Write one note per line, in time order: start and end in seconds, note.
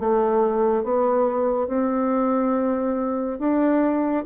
0.00 0.84 A3
0.84 1.68 B3
1.68 3.39 C4
3.39 4.25 D4